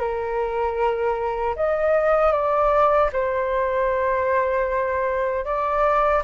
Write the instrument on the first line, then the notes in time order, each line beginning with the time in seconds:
flute
0.00 A#4
1.57 D#5
2.33 D5
3.13 C5
5.45 D5